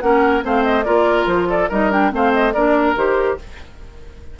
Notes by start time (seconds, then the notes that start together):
0.00 A#3 C#4 A#4 F#5
0.42 A3 C4 C5 F5
0.64 D#5
0.84 A#3 F4 A#4 D5
1.26 F3 C5
1.50 A4 D5
1.69 G3 D#4 A#4 D#5
1.91 D4 G5
2.11 A3 C4 C5 F5
2.33 D#5
2.53 A#3 D4 A#4 D5
2.96 D#3 G4 C5